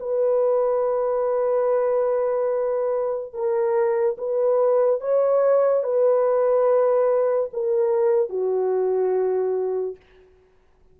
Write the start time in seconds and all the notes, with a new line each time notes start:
0.00 B4
3.33 A#4
4.18 B4
5.01 C#5
5.83 B4
7.53 A#4
8.30 F#4